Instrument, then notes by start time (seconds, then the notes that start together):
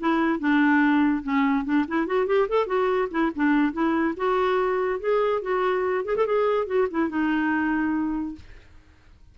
clarinet
0.00 E4
0.39 D4
1.23 C#4
1.65 D4
1.88 E4
2.07 F#4
2.27 G4
2.49 A4
2.66 F#4
3.10 E4
3.35 D4
3.73 E4
4.17 F#4
5.00 G#4
5.42 F#4
6.05 G#4
6.16 A4
6.26 G#4
6.67 F#4
6.91 E4
7.09 D#4